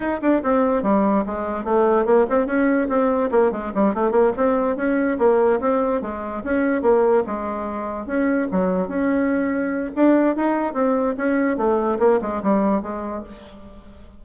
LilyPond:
\new Staff \with { instrumentName = "bassoon" } { \time 4/4 \tempo 4 = 145 dis'8 d'8 c'4 g4 gis4 | a4 ais8 c'8 cis'4 c'4 | ais8 gis8 g8 a8 ais8 c'4 cis'8~ | cis'8 ais4 c'4 gis4 cis'8~ |
cis'8 ais4 gis2 cis'8~ | cis'8 fis4 cis'2~ cis'8 | d'4 dis'4 c'4 cis'4 | a4 ais8 gis8 g4 gis4 | }